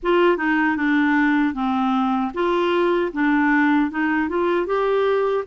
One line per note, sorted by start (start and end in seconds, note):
0.02 0.37 F4
0.37 0.76 D#4
0.76 1.54 D4
1.54 2.32 C4
2.34 3.12 F4
3.12 3.90 D4
3.90 4.29 D#4
4.29 4.66 F4
4.66 5.44 G4